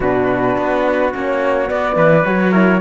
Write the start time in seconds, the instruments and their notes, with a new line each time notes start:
0.00 cello B2, horn D4, trumpet F#4, flute B4
0.57 cello B3
1.13 cello A#3, horn C#4, flute C#5
1.67 horn B3, cello B3, flute D5
1.96 cello E3, trumpet B4
2.25 cello F#3, horn F#4, flute C#5
2.51 horn E4, trumpet A#4